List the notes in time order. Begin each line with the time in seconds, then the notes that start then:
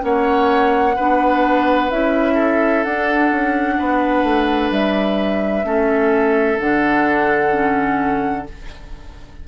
0.00 A#3 C#4 C#5 F#5
0.96 B3 D4 B4
1.91 C#4 E4 E5
2.34 A4
2.84 D4 F#5
3.31 C#4
3.78 B3 B4
4.23 A3
4.71 G3 E5
5.64 A3 C#4 A4
6.59 D3 D4 F#5
7.51 C#4